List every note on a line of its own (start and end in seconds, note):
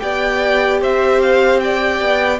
0.00 0.82 B3
0.00 2.40 G4
0.00 0.82 D5
0.00 0.80 G5
0.82 2.01 C4
0.82 1.62 C5
0.82 1.22 E5
1.22 1.60 F5
1.60 2.40 D5
1.60 2.40 G5
2.01 2.40 B3